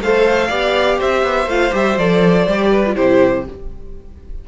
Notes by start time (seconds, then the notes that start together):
0.00 A3 A4 C5 F5
0.48 B3 G4 D5
0.98 C4 C5 E5
1.23 B3
1.46 A3 F4 F5
1.71 G3 G4 E5
1.97 F3 A4 D5
2.47 G3 G4
2.71 B4
2.86 F4
2.95 C3 E4 G4 C5